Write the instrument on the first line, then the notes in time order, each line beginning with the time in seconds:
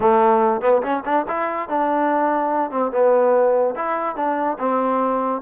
trombone
0.00 A3
0.61 B3
0.82 C#4
1.05 D4
1.27 E4
1.68 D4
2.70 C4
2.91 B3
3.75 E4
4.16 D4
4.59 C4